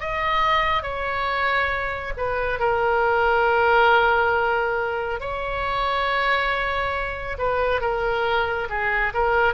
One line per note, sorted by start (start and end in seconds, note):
0.00 0.83 D#5
0.83 2.13 C#5
2.17 2.59 B4
2.59 5.20 A#4
5.20 7.37 C#5
7.38 7.81 B4
7.81 8.68 A#4
8.69 9.13 G#4
9.14 9.53 A#4